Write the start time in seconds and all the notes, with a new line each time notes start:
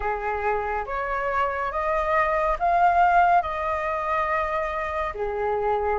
0.00 G#4
0.86 C#5
1.71 D#5
2.59 F5
3.42 D#5
5.14 G#4